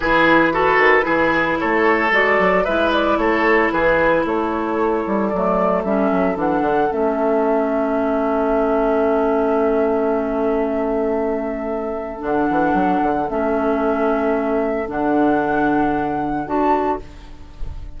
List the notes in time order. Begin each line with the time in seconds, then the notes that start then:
0.00 E3 E4 G#4 B4
0.53 F#4 A4
0.78 D#3
1.02 E3 E4 G#4
1.59 A3 A4 C#5
2.11 G#3 F#4 D5
2.39 F#3
2.64 G#3 E4 B4 E5
2.92 D5
3.17 A3 A4 C#5
3.71 E3 G#4 B4
4.25 A3 A4 C#5
5.06 G3
5.28 F#3 A3 D5
5.83 G3 C#4 E5
6.11 F#3
6.34 E3 D4 F#5
6.61 D3
6.90 A3 C#4 E5
12.19 D3 D4 F#5
12.50 E3
12.73 F#3
13.02 D3
13.29 A3 C#4 E5
14.86 D3 D4 F#5
16.46 D4 F#4 A5